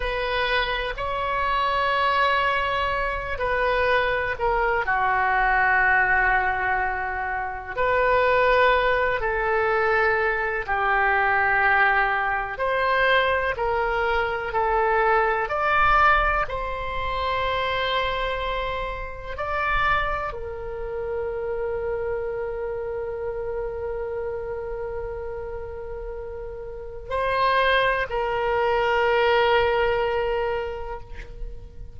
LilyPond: \new Staff \with { instrumentName = "oboe" } { \time 4/4 \tempo 4 = 62 b'4 cis''2~ cis''8 b'8~ | b'8 ais'8 fis'2. | b'4. a'4. g'4~ | g'4 c''4 ais'4 a'4 |
d''4 c''2. | d''4 ais'2.~ | ais'1 | c''4 ais'2. | }